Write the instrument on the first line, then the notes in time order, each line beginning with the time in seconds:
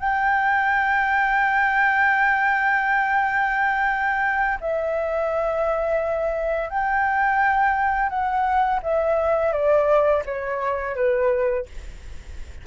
flute
0.00 G5
4.61 E5
6.70 G5
8.10 F#5
8.83 E5
9.53 D5
10.26 C#5
10.96 B4